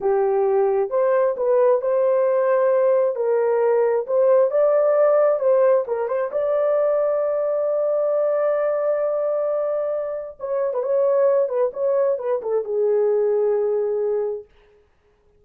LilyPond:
\new Staff \with { instrumentName = "horn" } { \time 4/4 \tempo 4 = 133 g'2 c''4 b'4 | c''2. ais'4~ | ais'4 c''4 d''2 | c''4 ais'8 c''8 d''2~ |
d''1~ | d''2. cis''8. b'16 | cis''4. b'8 cis''4 b'8 a'8 | gis'1 | }